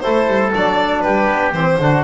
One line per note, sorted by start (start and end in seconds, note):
0.00 0.27 A3
0.00 0.53 E4
0.00 1.03 A4
0.00 0.50 C5
0.27 0.52 G3
0.54 1.05 F#3
0.54 1.54 D4
0.54 1.01 D5
1.01 1.27 G3
1.01 1.79 G4
1.01 1.51 B4
1.27 1.52 B3
1.52 1.77 E3
1.52 1.79 C4
1.52 2.03 C5
1.78 2.03 D3
1.78 2.03 D4
1.78 2.03 F#4